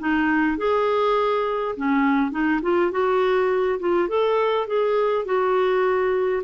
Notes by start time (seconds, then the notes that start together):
0.00 D#4
0.58 G#4
1.77 C#4
2.32 D#4
2.62 F4
2.91 F#4
3.80 F4
4.09 A4
4.67 G#4
5.26 F#4